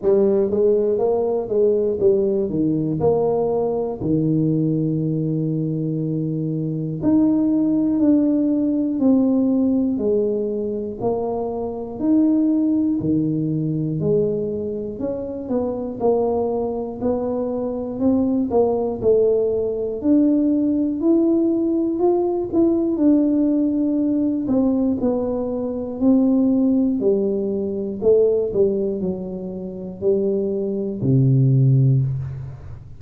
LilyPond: \new Staff \with { instrumentName = "tuba" } { \time 4/4 \tempo 4 = 60 g8 gis8 ais8 gis8 g8 dis8 ais4 | dis2. dis'4 | d'4 c'4 gis4 ais4 | dis'4 dis4 gis4 cis'8 b8 |
ais4 b4 c'8 ais8 a4 | d'4 e'4 f'8 e'8 d'4~ | d'8 c'8 b4 c'4 g4 | a8 g8 fis4 g4 c4 | }